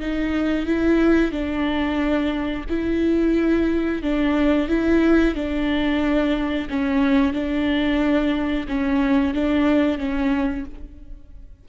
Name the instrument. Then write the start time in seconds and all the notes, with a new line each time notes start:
viola
0.00 D#4
0.66 E4
1.32 D4
2.69 E4
4.02 D4
4.68 E4
5.35 D4
6.69 C#4
7.33 D4
8.68 C#4
9.34 D4
9.98 C#4